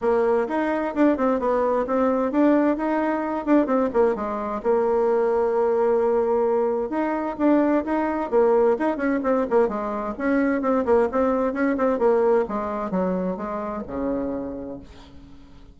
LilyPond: \new Staff \with { instrumentName = "bassoon" } { \time 4/4 \tempo 4 = 130 ais4 dis'4 d'8 c'8 b4 | c'4 d'4 dis'4. d'8 | c'8 ais8 gis4 ais2~ | ais2. dis'4 |
d'4 dis'4 ais4 dis'8 cis'8 | c'8 ais8 gis4 cis'4 c'8 ais8 | c'4 cis'8 c'8 ais4 gis4 | fis4 gis4 cis2 | }